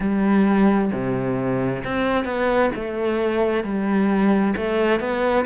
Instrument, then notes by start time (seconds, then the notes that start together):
cello
0.00 G3
0.92 C3
1.84 C4
2.24 B3
2.75 A3
3.63 G3
4.56 A3
5.00 B3